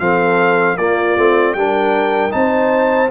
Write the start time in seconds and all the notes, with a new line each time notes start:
0.00 F3 C4 A4 F5
0.77 A#3 F4 D5
1.17 A3 C4
1.54 G3 D4 A#4 G5
2.31 C4 D#4 C5 A5